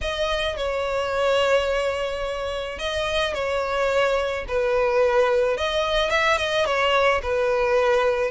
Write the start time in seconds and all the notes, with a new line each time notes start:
0.01 D#5
0.57 C#5
2.78 D#5
3.34 C#5
4.47 B4
5.57 D#5
6.10 E5
6.37 D#5
6.65 C#5
7.22 B4